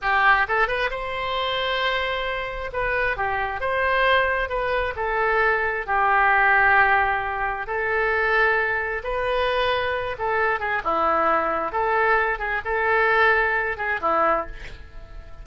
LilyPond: \new Staff \with { instrumentName = "oboe" } { \time 4/4 \tempo 4 = 133 g'4 a'8 b'8 c''2~ | c''2 b'4 g'4 | c''2 b'4 a'4~ | a'4 g'2.~ |
g'4 a'2. | b'2~ b'8 a'4 gis'8 | e'2 a'4. gis'8 | a'2~ a'8 gis'8 e'4 | }